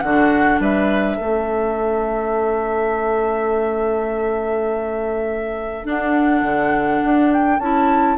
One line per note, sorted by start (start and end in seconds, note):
0.00 0.59 D3
0.00 1.21 D4
0.00 0.60 F#4
0.00 0.58 F#5
0.59 1.17 G3
0.59 1.17 B4
0.59 5.86 E5
1.17 5.85 A3
1.17 5.84 C#4
1.17 8.16 A4
5.84 7.59 D4
5.84 6.42 D4
5.84 7.32 F#5
6.42 7.00 D3
7.04 7.58 D4
7.32 7.59 G5
7.58 8.17 C#4
7.58 8.18 E4
7.58 8.17 A5